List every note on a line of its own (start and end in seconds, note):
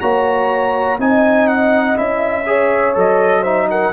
0.00 0.98 A#3
0.00 0.99 F#4
0.00 0.99 C#5
0.00 0.98 A#5
0.98 1.97 C4
0.98 1.95 D#4
0.98 2.48 D#5
0.98 1.47 G#5
1.47 1.97 F#5
1.95 2.95 C#4
1.95 2.44 E4
1.95 2.96 E5
2.46 2.94 G#4
2.46 3.41 C#5
2.94 3.92 F#3
2.94 3.43 A4
2.94 3.43 D#5
3.41 3.92 D#4
3.41 3.66 C5
3.41 3.68 E5
3.70 3.92 A#4
3.70 3.92 F#5